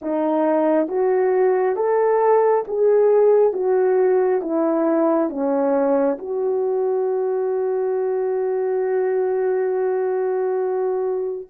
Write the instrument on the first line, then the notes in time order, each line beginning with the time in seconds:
horn
0.01 D#4
0.88 F#4
1.76 A4
2.67 G#4
3.53 F#4
4.41 E4
5.29 C#4
6.18 F#4